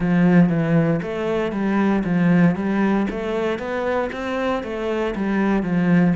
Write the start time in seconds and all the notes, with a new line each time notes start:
0.00 F3
0.49 E3
1.02 A3
1.52 G3
2.04 F3
2.55 G3
3.10 A3
3.58 B3
4.12 C4
4.63 A3
5.15 G3
5.62 F3